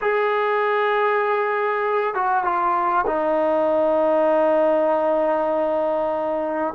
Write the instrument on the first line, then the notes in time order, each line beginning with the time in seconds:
trombone
0.01 G#4
2.14 F#4
2.44 F4
3.06 D#4